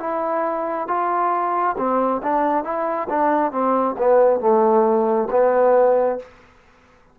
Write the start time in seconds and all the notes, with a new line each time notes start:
0.00 E4
0.88 F4
1.78 C4
2.23 D4
2.64 E4
3.09 D4
3.52 C4
3.98 B3
4.40 A3
5.31 B3